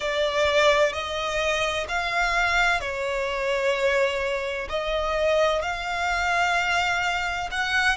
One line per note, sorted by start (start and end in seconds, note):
0.00 0.92 D5
0.92 1.86 D#5
1.88 2.80 F5
2.80 4.67 C#5
4.69 5.62 D#5
5.62 7.49 F5
7.51 7.96 F#5